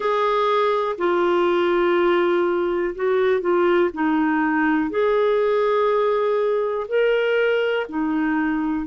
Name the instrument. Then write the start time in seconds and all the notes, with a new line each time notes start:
clarinet
0.00 G#4
0.98 F4
2.95 F#4
3.40 F4
3.93 D#4
4.90 G#4
6.88 A#4
7.89 D#4